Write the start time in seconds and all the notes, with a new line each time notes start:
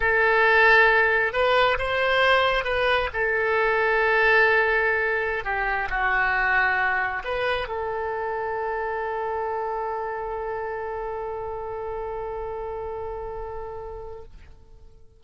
0.00 A4
1.33 B4
1.78 C5
2.64 B4
3.13 A4
5.44 G4
5.89 F#4
7.24 B4
7.68 A4